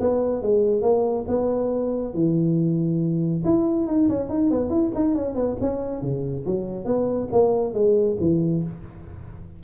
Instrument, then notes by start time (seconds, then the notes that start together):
tuba
0.00 B3
0.42 G#3
0.82 A#3
1.28 B3
2.13 E3
3.45 E4
3.87 D#4
4.09 C#4
4.29 D#4
4.50 B3
4.70 E4
4.95 D#4
5.15 C#4
5.35 B3
5.60 C#4
6.01 C#3
6.46 F#3
6.85 B3
7.32 A#3
7.73 G#3
8.20 E3